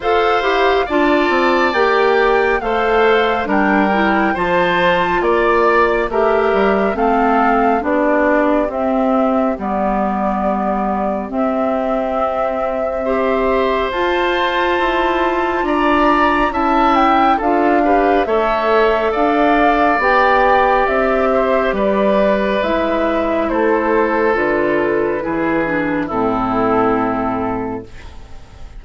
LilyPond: <<
  \new Staff \with { instrumentName = "flute" } { \time 4/4 \tempo 4 = 69 f''4 a''4 g''4 f''4 | g''4 a''4 d''4 e''4 | f''4 d''4 e''4 d''4~ | d''4 e''2. |
a''2 ais''4 a''8 g''8 | f''4 e''4 f''4 g''4 | e''4 d''4 e''4 c''4 | b'2 a'2 | }
  \new Staff \with { instrumentName = "oboe" } { \time 4/4 c''4 d''2 c''4 | ais'4 c''4 d''4 ais'4 | a'4 g'2.~ | g'2. c''4~ |
c''2 d''4 e''4 | a'8 b'8 cis''4 d''2~ | d''8 c''8 b'2 a'4~ | a'4 gis'4 e'2 | }
  \new Staff \with { instrumentName = "clarinet" } { \time 4/4 a'8 g'8 f'4 g'4 a'4 | d'8 e'8 f'2 g'4 | c'4 d'4 c'4 b4~ | b4 c'2 g'4 |
f'2. e'4 | f'8 g'8 a'2 g'4~ | g'2 e'2 | f'4 e'8 d'8 c'2 | }
  \new Staff \with { instrumentName = "bassoon" } { \time 4/4 f'8 e'8 d'8 c'8 ais4 a4 | g4 f4 ais4 a8 g8 | a4 b4 c'4 g4~ | g4 c'2. |
f'4 e'4 d'4 cis'4 | d'4 a4 d'4 b4 | c'4 g4 gis4 a4 | d4 e4 a,2 | }
>>